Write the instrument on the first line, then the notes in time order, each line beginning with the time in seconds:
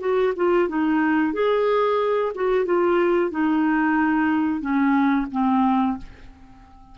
clarinet
0.00 F#4
0.36 F4
0.68 D#4
1.33 G#4
2.35 F#4
2.65 F4
3.31 D#4
4.60 C#4
5.31 C4